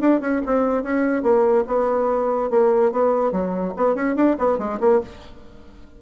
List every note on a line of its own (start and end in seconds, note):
0.00 0.20 D4
0.20 0.41 C#4
0.46 0.83 C4
0.83 1.23 C#4
1.23 1.64 A#3
1.67 2.50 B3
2.50 2.91 A#3
2.92 3.32 B3
3.32 3.73 F#3
3.77 3.95 B3
3.95 4.16 C#4
4.16 4.36 D4
4.39 4.58 B3
4.58 4.79 G#3
4.80 5.01 A#3